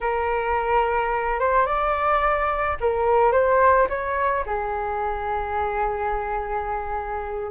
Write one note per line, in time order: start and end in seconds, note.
0.00 1.39 A#4
1.39 1.66 C5
1.66 2.77 D5
2.80 3.32 A#4
3.32 3.87 C5
3.89 4.44 C#5
4.45 7.51 G#4